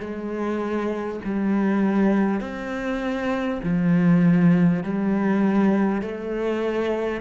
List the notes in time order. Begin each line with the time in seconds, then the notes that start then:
0.00 G#3
1.25 G3
2.41 C4
3.64 F3
4.84 G3
6.02 A3